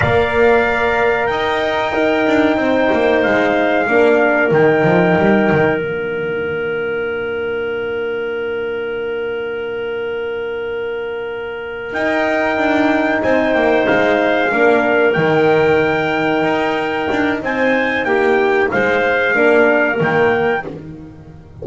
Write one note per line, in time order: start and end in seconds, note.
0.00 1.29 A#3
0.00 1.93 A#4
0.00 1.28 D5
0.00 1.26 F5
1.26 2.25 D#4
1.26 1.92 D#5
1.26 3.20 G5
1.92 3.86 D#4
1.92 2.56 A#4
2.27 2.56 D4
2.56 2.88 C4
2.56 3.85 C5
2.92 3.25 A#3
3.22 3.87 G#3
3.22 4.51 F5
3.87 4.51 A#3
3.87 4.53 D4
3.87 13.22 A#4
4.51 4.83 D#3
4.51 5.83 D#4
4.51 5.81 G5
4.84 5.16 F3
5.18 5.50 G3
5.51 5.81 D#3
5.81 11.93 A#3
5.81 11.92 D4
5.81 11.93 F5
11.92 14.50 D#4
11.92 12.57 D#4
11.92 13.22 G5
12.57 13.21 D4
13.22 13.54 C4
13.22 14.51 C5
13.22 13.54 G#5
13.54 13.87 A#3
13.54 13.86 G5
13.86 14.52 G#3
13.86 15.13 F5
14.50 15.16 A#3
14.50 15.15 D4
14.50 17.41 A#4
15.13 16.43 D#3
15.13 19.34 D#4
15.13 17.39 G5
16.43 17.08 D#4
17.11 17.42 D4
17.42 18.04 C4
17.42 18.06 C5
17.42 18.04 G#5
18.04 18.69 A#3
18.04 18.70 G4
18.04 18.68 G5
18.70 19.36 G#3
18.70 19.34 C5
18.70 19.99 F5
19.34 20.00 A#3
19.34 19.96 D4
19.34 20.63 A#4
19.96 20.65 D#3
19.96 20.60 A#3
20.02 20.67 G5